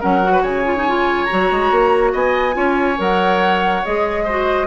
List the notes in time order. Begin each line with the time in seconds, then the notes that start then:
0.00 F#3 C#4 A#4 F#5
0.22 F#4
0.32 B4
0.42 C#3 C#5 G#5
0.65 F4
0.76 D#4
0.87 F4
1.24 F#4 A#5
1.32 F#3
1.51 G#3
1.71 A#3
2.12 B3 D#5 G#5
2.52 C#4 F4 C#5
2.97 F#3 A#4 F#5
3.85 G#3 G#4 D#5
4.24 F#4 C5